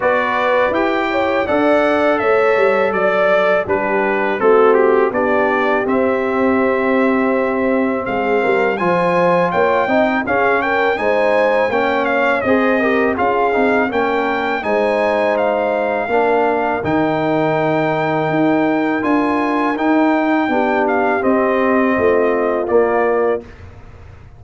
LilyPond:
<<
  \new Staff \with { instrumentName = "trumpet" } { \time 4/4 \tempo 4 = 82 d''4 g''4 fis''4 e''4 | d''4 b'4 a'8 g'8 d''4 | e''2. f''4 | gis''4 g''4 f''8 g''8 gis''4 |
g''8 f''8 dis''4 f''4 g''4 | gis''4 f''2 g''4~ | g''2 gis''4 g''4~ | g''8 f''8 dis''2 d''4 | }
  \new Staff \with { instrumentName = "horn" } { \time 4/4 b'4. cis''8 d''4 cis''4 | d''4 g'4 fis'4 g'4~ | g'2. gis'8 ais'8 | c''4 cis''8 dis''8 gis'8 ais'8 c''4 |
cis''4 c''8 ais'8 gis'4 ais'4 | c''2 ais'2~ | ais'1 | g'2 f'2 | }
  \new Staff \with { instrumentName = "trombone" } { \time 4/4 fis'4 g'4 a'2~ | a'4 d'4 c'4 d'4 | c'1 | f'4. dis'8 cis'4 dis'4 |
cis'4 gis'8 g'8 f'8 dis'8 cis'4 | dis'2 d'4 dis'4~ | dis'2 f'4 dis'4 | d'4 c'2 ais4 | }
  \new Staff \with { instrumentName = "tuba" } { \time 4/4 b4 e'4 d'4 a8 g8 | fis4 g4 a4 b4 | c'2. gis8 g8 | f4 ais8 c'8 cis'4 gis4 |
ais4 c'4 cis'8 c'8 ais4 | gis2 ais4 dis4~ | dis4 dis'4 d'4 dis'4 | b4 c'4 a4 ais4 | }
>>